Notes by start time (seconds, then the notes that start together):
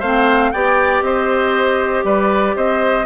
0.00 A3 C4 C5 F5
0.52 B3 G4 D5 G5
1.02 C4 C5 D#5
2.04 G3 B4 D5
2.56 C4 C5 D#5